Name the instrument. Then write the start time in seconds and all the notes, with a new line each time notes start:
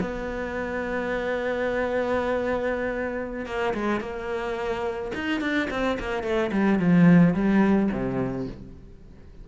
cello
0.00 B3
3.46 A#3
3.74 G#3
4.00 A#3
5.14 D#4
5.40 D4
5.70 C4
5.99 A#3
6.23 A3
6.52 G3
6.79 F3
7.34 G3
7.91 C3